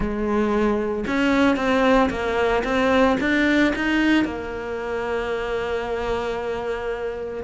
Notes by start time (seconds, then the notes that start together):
0.00 G#3
1.07 C#4
1.56 C4
2.09 A#3
2.64 C4
3.20 D4
3.75 D#4
4.25 A#3